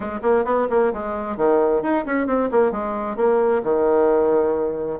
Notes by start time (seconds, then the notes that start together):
0.00 G#3
0.22 A#3
0.44 B3
0.69 A#3
0.93 G#3
1.36 D#3
1.82 D#4
2.05 C#4
2.26 C4
2.51 A#3
2.71 G#3
3.16 A#3
3.63 D#3